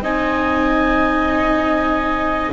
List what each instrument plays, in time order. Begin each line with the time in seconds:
0.00 double bass C4, viola D#4, flute D#5, clarinet G#5